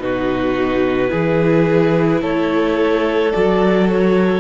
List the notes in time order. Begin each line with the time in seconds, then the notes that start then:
0.00 B2 D#4 F#4 B4
1.08 E3 E4 G#4
2.22 A3 A4 C#5
3.32 F#3 F#4 D5
3.90 C#5